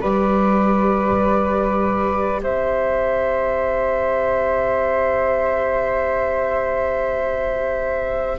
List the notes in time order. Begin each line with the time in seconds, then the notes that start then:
0.00 G3 G4 B4 D5
2.42 C4 C5 E5